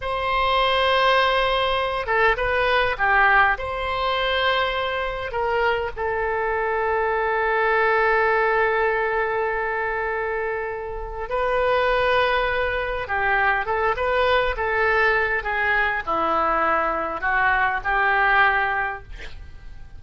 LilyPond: \new Staff \with { instrumentName = "oboe" } { \time 4/4 \tempo 4 = 101 c''2.~ c''8 a'8 | b'4 g'4 c''2~ | c''4 ais'4 a'2~ | a'1~ |
a'2. b'4~ | b'2 g'4 a'8 b'8~ | b'8 a'4. gis'4 e'4~ | e'4 fis'4 g'2 | }